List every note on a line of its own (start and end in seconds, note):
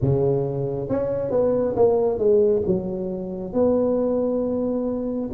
0.01 0.88 C#3
0.88 1.30 C#4
1.30 1.74 B3
1.76 2.18 A#3
2.18 2.62 G#3
2.66 3.53 F#3
3.53 5.29 B3